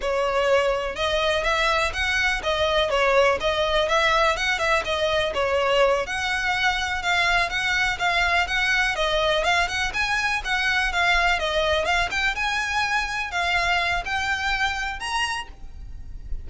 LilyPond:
\new Staff \with { instrumentName = "violin" } { \time 4/4 \tempo 4 = 124 cis''2 dis''4 e''4 | fis''4 dis''4 cis''4 dis''4 | e''4 fis''8 e''8 dis''4 cis''4~ | cis''8 fis''2 f''4 fis''8~ |
fis''8 f''4 fis''4 dis''4 f''8 | fis''8 gis''4 fis''4 f''4 dis''8~ | dis''8 f''8 g''8 gis''2 f''8~ | f''4 g''2 ais''4 | }